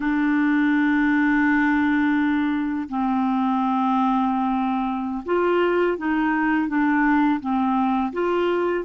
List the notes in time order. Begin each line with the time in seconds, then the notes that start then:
0.00 D4
2.88 C4
5.25 F4
5.97 D#4
6.67 D4
7.40 C4
8.13 F4